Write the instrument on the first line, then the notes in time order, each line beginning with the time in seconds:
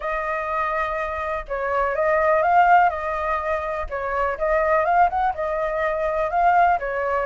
flute
0.00 D#5
1.48 C#5
1.95 D#5
2.42 F5
2.89 D#5
3.89 C#5
4.37 D#5
4.85 F5
5.09 F#5
5.34 D#5
6.30 F5
6.79 C#5